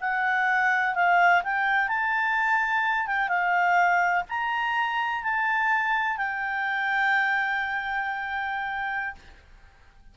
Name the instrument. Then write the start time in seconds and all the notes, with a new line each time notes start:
clarinet
0.00 F#5
0.95 F5
1.43 G5
1.88 A5
3.06 G5
3.28 F5
4.28 A#5
5.23 A5
6.17 G5